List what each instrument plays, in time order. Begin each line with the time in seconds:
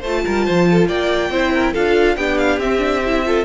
0.00 cello A3, violin C5 A5
0.06 viola F4
0.25 cello G3, violin A#4
0.46 cello F3, violin C5
0.71 violin A4
0.88 cello A#3, violin D5 G5
1.30 cello C4, viola E4, violin C5
1.54 violin A#4
1.73 cello D4, viola F4, violin A4 F5
2.17 cello B3, viola D4, violin G4 G5
2.38 violin F5
2.58 cello C4, viola C4, violin E5
2.79 viola D4
3.06 viola E4
3.25 viola F4, violin A4